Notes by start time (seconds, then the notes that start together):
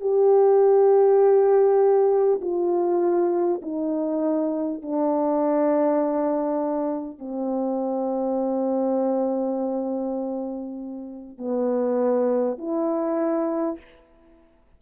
0.00 G4
2.41 F4
3.62 D#4
4.82 D4
7.18 C4
11.37 B3
12.58 E4